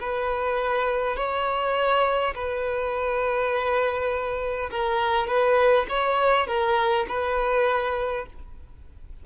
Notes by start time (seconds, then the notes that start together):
0.00 B4
1.16 C#5
2.35 B4
4.71 A#4
5.27 B4
5.89 C#5
6.47 A#4
7.09 B4